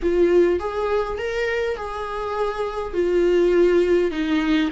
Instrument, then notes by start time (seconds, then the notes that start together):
viola
0.02 F4
0.59 G#4
1.18 A#4
1.76 G#4
2.93 F4
4.11 D#4